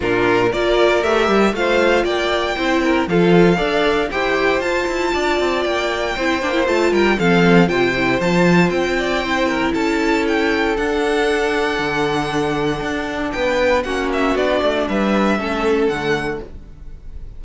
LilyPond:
<<
  \new Staff \with { instrumentName = "violin" } { \time 4/4 \tempo 4 = 117 ais'4 d''4 e''4 f''4 | g''2 f''2 | g''4 a''2 g''4~ | g''4 a''8 g''8 f''4 g''4 |
a''4 g''2 a''4 | g''4 fis''2.~ | fis''2 g''4 fis''8 e''8 | d''4 e''2 fis''4 | }
  \new Staff \with { instrumentName = "violin" } { \time 4/4 f'4 ais'2 c''4 | d''4 c''8 ais'8 a'4 d''4 | c''2 d''2 | c''4. ais'8 a'4 c''4~ |
c''4. d''8 c''8 ais'8 a'4~ | a'1~ | a'2 b'4 fis'4~ | fis'4 b'4 a'2 | }
  \new Staff \with { instrumentName = "viola" } { \time 4/4 d'4 f'4 g'4 f'4~ | f'4 e'4 f'4 a'4 | g'4 f'2. | e'8 d'16 e'16 f'4 c'4 f'8 e'8 |
f'2 e'2~ | e'4 d'2.~ | d'2. cis'4 | d'2 cis'4 a4 | }
  \new Staff \with { instrumentName = "cello" } { \time 4/4 ais,4 ais4 a8 g8 a4 | ais4 c'4 f4 d'4 | e'4 f'8 e'8 d'8 c'8 ais4 | c'8 ais8 a8 g8 f4 c4 |
f4 c'2 cis'4~ | cis'4 d'2 d4~ | d4 d'4 b4 ais4 | b8 a8 g4 a4 d4 | }
>>